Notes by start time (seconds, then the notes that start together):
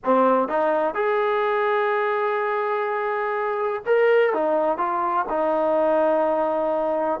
0.04 C4
0.48 D#4
0.94 G#4
3.85 A#4
4.33 D#4
4.77 F4
5.29 D#4